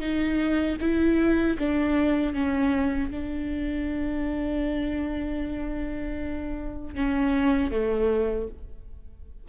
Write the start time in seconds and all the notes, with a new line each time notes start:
0.00 D#4
0.80 E4
1.58 D4
2.33 C#4
3.10 D4
6.95 C#4
7.71 A3